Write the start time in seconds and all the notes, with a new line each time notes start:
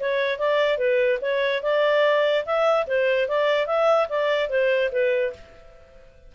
0.00 C#5
0.39 D5
0.78 B4
1.22 C#5
1.63 D5
2.46 E5
2.87 C5
3.28 D5
3.67 E5
4.09 D5
4.50 C5
4.92 B4